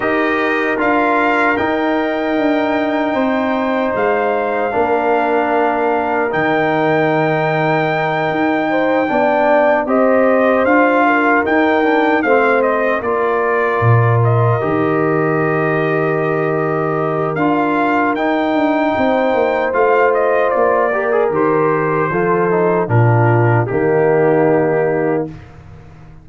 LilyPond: <<
  \new Staff \with { instrumentName = "trumpet" } { \time 4/4 \tempo 4 = 76 dis''4 f''4 g''2~ | g''4 f''2. | g''1~ | g''8 dis''4 f''4 g''4 f''8 |
dis''8 d''4. dis''2~ | dis''2 f''4 g''4~ | g''4 f''8 dis''8 d''4 c''4~ | c''4 ais'4 g'2 | }
  \new Staff \with { instrumentName = "horn" } { \time 4/4 ais'1 | c''2 ais'2~ | ais'2. c''8 d''8~ | d''8 c''4. ais'4. c''8~ |
c''8 ais'2.~ ais'8~ | ais'1 | c''2~ c''8 ais'4. | a'4 f'4 dis'2 | }
  \new Staff \with { instrumentName = "trombone" } { \time 4/4 g'4 f'4 dis'2~ | dis'2 d'2 | dis'2.~ dis'8 d'8~ | d'8 g'4 f'4 dis'8 d'8 c'8~ |
c'8 f'2 g'4.~ | g'2 f'4 dis'4~ | dis'4 f'4. g'16 gis'16 g'4 | f'8 dis'8 d'4 ais2 | }
  \new Staff \with { instrumentName = "tuba" } { \time 4/4 dis'4 d'4 dis'4 d'4 | c'4 gis4 ais2 | dis2~ dis8 dis'4 b8~ | b8 c'4 d'4 dis'4 a8~ |
a8 ais4 ais,4 dis4.~ | dis2 d'4 dis'8 d'8 | c'8 ais8 a4 ais4 dis4 | f4 ais,4 dis2 | }
>>